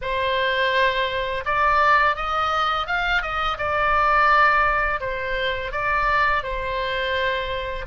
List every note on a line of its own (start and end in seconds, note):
0.01 1.44 C5
1.44 2.16 D5
2.16 2.86 D#5
2.86 3.21 F5
3.21 3.57 D#5
3.57 5.00 D5
5.00 5.71 C5
5.71 6.43 D5
6.43 7.86 C5